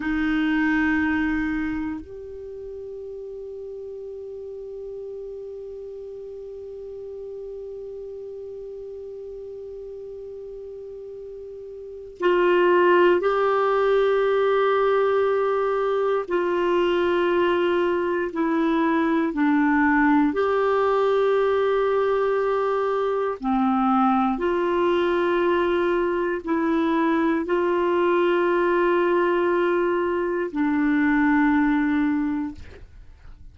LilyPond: \new Staff \with { instrumentName = "clarinet" } { \time 4/4 \tempo 4 = 59 dis'2 g'2~ | g'1~ | g'1 | f'4 g'2. |
f'2 e'4 d'4 | g'2. c'4 | f'2 e'4 f'4~ | f'2 d'2 | }